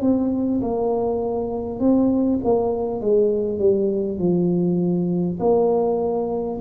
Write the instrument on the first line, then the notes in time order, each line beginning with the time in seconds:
tuba
0.00 C4
0.61 A#3
1.79 C4
2.43 A#3
3.00 G#3
3.58 G3
4.18 F3
5.39 A#3